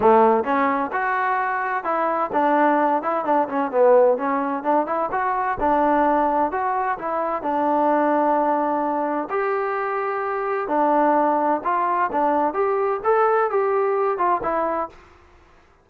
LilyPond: \new Staff \with { instrumentName = "trombone" } { \time 4/4 \tempo 4 = 129 a4 cis'4 fis'2 | e'4 d'4. e'8 d'8 cis'8 | b4 cis'4 d'8 e'8 fis'4 | d'2 fis'4 e'4 |
d'1 | g'2. d'4~ | d'4 f'4 d'4 g'4 | a'4 g'4. f'8 e'4 | }